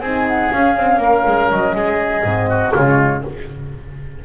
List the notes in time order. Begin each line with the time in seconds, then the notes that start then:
0.00 C4 D#4 G#4 G#5
0.27 F#5
0.52 C#4 F5
0.77 C4
0.97 A#3 A#4
1.26 G#3
1.51 F#3 D#5
1.75 G#3 G#4
2.23 G#2 C4
2.49 F#4
2.73 C#3 G#3 F4 C#5